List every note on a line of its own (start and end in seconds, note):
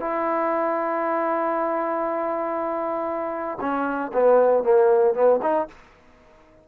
0.00 3.59 E4
3.61 4.12 C#4
4.14 4.64 B3
4.64 5.14 A#3
5.14 5.40 B3
5.42 5.68 D#4